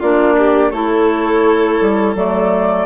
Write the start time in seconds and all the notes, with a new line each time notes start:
0.00 A#3 D4 F4 D5
0.38 G4
0.71 A3 E4 A4 C#5
1.81 G3
2.15 F#3 A3 D5